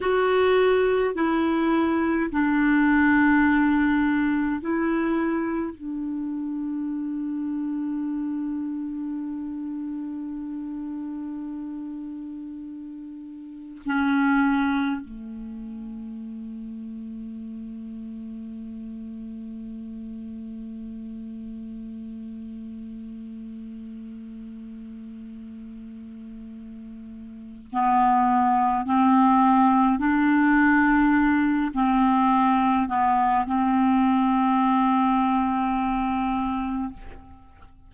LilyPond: \new Staff \with { instrumentName = "clarinet" } { \time 4/4 \tempo 4 = 52 fis'4 e'4 d'2 | e'4 d'2.~ | d'1 | cis'4 a2.~ |
a1~ | a1 | b4 c'4 d'4. c'8~ | c'8 b8 c'2. | }